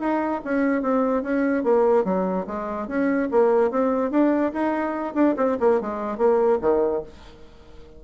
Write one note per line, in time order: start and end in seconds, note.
0.00 0.41 D#4
0.45 0.82 C#4
0.82 1.23 C4
1.23 1.64 C#4
1.64 2.05 A#3
2.05 2.46 F#3
2.47 2.88 G#3
2.88 3.29 C#4
3.31 3.71 A#3
3.71 4.11 C4
4.11 4.52 D4
4.53 5.15 D#4
5.15 5.35 D4
5.37 5.58 C4
5.60 5.81 A#3
5.81 6.18 G#3
6.18 6.59 A#3
6.62 7.03 D#3